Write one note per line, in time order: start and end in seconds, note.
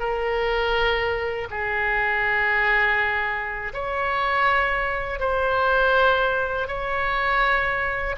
0.00 1.48 A#4
1.51 3.73 G#4
3.74 5.20 C#5
5.20 6.68 C5
6.68 8.16 C#5